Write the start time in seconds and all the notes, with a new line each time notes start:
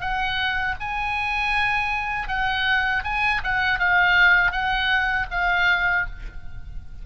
0.00 F#5
0.79 G#5
2.28 F#5
3.04 G#5
3.44 F#5
3.79 F5
4.51 F#5
5.30 F5